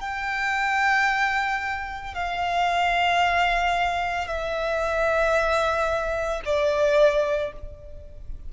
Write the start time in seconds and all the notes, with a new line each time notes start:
0.00 G5
2.15 F5
4.27 E5
6.45 D5